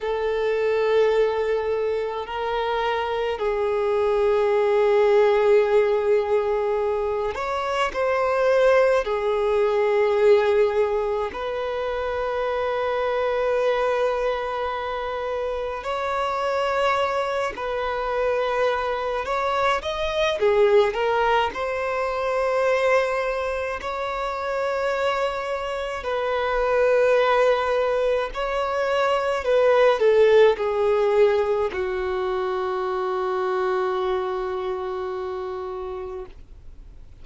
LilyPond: \new Staff \with { instrumentName = "violin" } { \time 4/4 \tempo 4 = 53 a'2 ais'4 gis'4~ | gis'2~ gis'8 cis''8 c''4 | gis'2 b'2~ | b'2 cis''4. b'8~ |
b'4 cis''8 dis''8 gis'8 ais'8 c''4~ | c''4 cis''2 b'4~ | b'4 cis''4 b'8 a'8 gis'4 | fis'1 | }